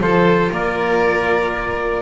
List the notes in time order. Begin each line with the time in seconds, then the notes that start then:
0.00 F3 F4 A4 C5
0.51 A#3 A#4 D5